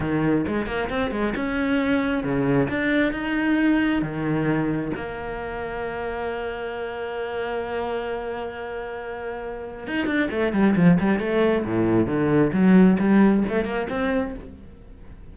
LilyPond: \new Staff \with { instrumentName = "cello" } { \time 4/4 \tempo 4 = 134 dis4 gis8 ais8 c'8 gis8 cis'4~ | cis'4 cis4 d'4 dis'4~ | dis'4 dis2 ais4~ | ais1~ |
ais1~ | ais2 dis'8 d'8 a8 g8 | f8 g8 a4 a,4 d4 | fis4 g4 a8 ais8 c'4 | }